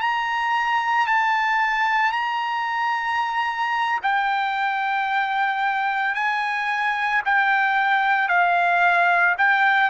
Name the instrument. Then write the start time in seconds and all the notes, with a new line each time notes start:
trumpet
0.00 A#5
1.07 A5
2.12 A#5
4.03 G5
6.15 G#5
7.25 G5
8.28 F5
9.37 G5